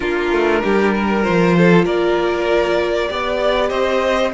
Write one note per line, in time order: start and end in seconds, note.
0.00 0.32 A#3
0.00 1.22 D4
0.00 0.61 F4
0.00 1.22 A#4
0.32 0.62 A3
0.63 1.26 G3
0.63 0.94 G4
0.94 1.56 A#4
1.22 3.08 F4
1.22 1.84 C5
1.28 1.85 F3
1.57 1.85 A4
1.85 3.09 A#3
1.85 3.09 A#4
1.85 3.69 D5
3.08 3.70 B3
3.08 4.32 G4
3.08 3.69 D5
3.69 4.32 C4
3.69 4.31 C5
3.69 4.31 D#5